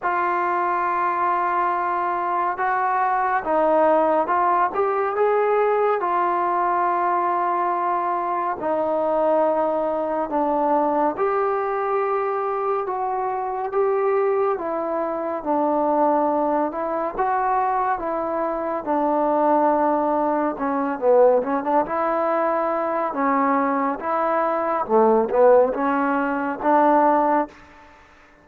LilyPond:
\new Staff \with { instrumentName = "trombone" } { \time 4/4 \tempo 4 = 70 f'2. fis'4 | dis'4 f'8 g'8 gis'4 f'4~ | f'2 dis'2 | d'4 g'2 fis'4 |
g'4 e'4 d'4. e'8 | fis'4 e'4 d'2 | cis'8 b8 cis'16 d'16 e'4. cis'4 | e'4 a8 b8 cis'4 d'4 | }